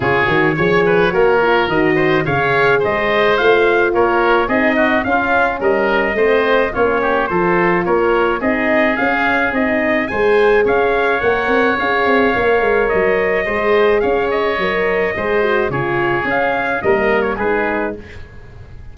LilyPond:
<<
  \new Staff \with { instrumentName = "trumpet" } { \time 4/4 \tempo 4 = 107 cis''2. dis''4 | f''4 dis''4 f''4 cis''4 | dis''4 f''4 dis''2 | cis''4 c''4 cis''4 dis''4 |
f''4 dis''4 gis''4 f''4 | fis''4 f''2 dis''4~ | dis''4 f''8 dis''2~ dis''8 | cis''4 f''4 dis''8. cis''16 b'4 | }
  \new Staff \with { instrumentName = "oboe" } { \time 4/4 gis'4 cis''8 b'8 ais'4. c''8 | cis''4 c''2 ais'4 | gis'8 fis'8 f'4 ais'4 c''4 | f'8 g'8 a'4 ais'4 gis'4~ |
gis'2 c''4 cis''4~ | cis''1 | c''4 cis''2 c''4 | gis'2 ais'4 gis'4 | }
  \new Staff \with { instrumentName = "horn" } { \time 4/4 f'8 fis'8 gis'4 fis'8 f'8 fis'4 | gis'2 f'2 | dis'4 cis'2 c'4 | cis'4 f'2 dis'4 |
cis'4 dis'4 gis'2 | ais'4 gis'4 ais'2 | gis'2 ais'4 gis'8 fis'8 | f'4 cis'4 ais4 dis'4 | }
  \new Staff \with { instrumentName = "tuba" } { \time 4/4 cis8 dis8 f4 ais4 dis4 | cis4 gis4 a4 ais4 | c'4 cis'4 g4 a4 | ais4 f4 ais4 c'4 |
cis'4 c'4 gis4 cis'4 | ais8 c'8 cis'8 c'8 ais8 gis8 fis4 | gis4 cis'4 fis4 gis4 | cis4 cis'4 g4 gis4 | }
>>